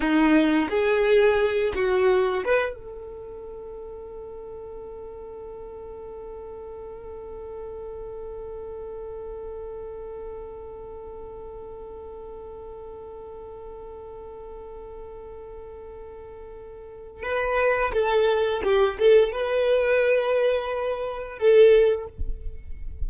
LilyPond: \new Staff \with { instrumentName = "violin" } { \time 4/4 \tempo 4 = 87 dis'4 gis'4. fis'4 b'8 | a'1~ | a'1~ | a'1~ |
a'1~ | a'1~ | a'4 b'4 a'4 g'8 a'8 | b'2. a'4 | }